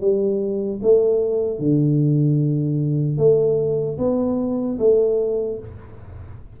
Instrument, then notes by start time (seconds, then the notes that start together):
tuba
0.00 G3
0.82 A3
1.59 D3
3.17 A3
3.97 B3
4.79 A3